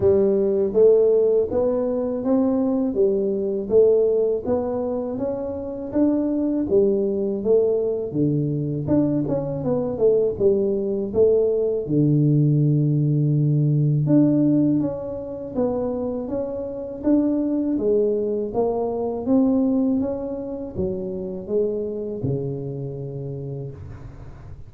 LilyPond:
\new Staff \with { instrumentName = "tuba" } { \time 4/4 \tempo 4 = 81 g4 a4 b4 c'4 | g4 a4 b4 cis'4 | d'4 g4 a4 d4 | d'8 cis'8 b8 a8 g4 a4 |
d2. d'4 | cis'4 b4 cis'4 d'4 | gis4 ais4 c'4 cis'4 | fis4 gis4 cis2 | }